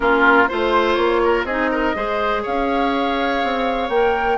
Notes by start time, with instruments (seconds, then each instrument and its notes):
0.00 bassoon A#3, clarinet C#4, oboe F4, flute A#4
0.47 bassoon A3, clarinet F4, flute C5, oboe C5
0.94 bassoon A#3, flute C#5
1.23 oboe A#4
1.44 bassoon C4, clarinet D#4, oboe G#4, flute D#5
1.71 oboe A#4
1.94 bassoon G#3, clarinet G#4, oboe C5
2.42 bassoon C#4, oboe C#5, flute F5
3.43 bassoon C4
3.88 bassoon A#3, clarinet A#4, flute G5